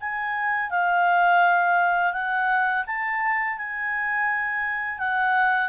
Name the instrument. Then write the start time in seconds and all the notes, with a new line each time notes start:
clarinet
0.00 G#5
0.70 F5
2.13 F#5
2.86 A5
3.57 G#5
4.98 F#5